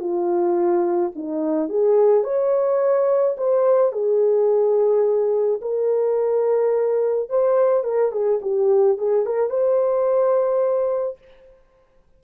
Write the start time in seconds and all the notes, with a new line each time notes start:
0.00 F4
1.15 D#4
1.69 G#4
2.24 C#5
3.38 C5
3.93 G#4
5.62 A#4
7.29 C5
7.84 A#4
8.12 G#4
8.42 G4
8.98 G#4
9.26 A#4
9.50 C5